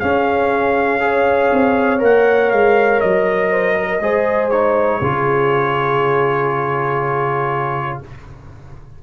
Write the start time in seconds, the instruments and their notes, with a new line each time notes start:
0.00 trombone C#4, tuba C#4, horn G#4, trumpet F5
1.00 trombone G#4, horn C#5
1.53 tuba C4
1.99 tuba A#3, trombone A#4, trumpet F#5
2.51 tuba G#3, trumpet F5
3.00 tuba F#3, trumpet D#5
3.50 horn C5
3.76 horn A#4
4.00 tuba G#3, trombone G#4, horn C5
4.50 trombone D#4, trumpet C#5
5.01 tuba C#3, trombone F4, horn G#4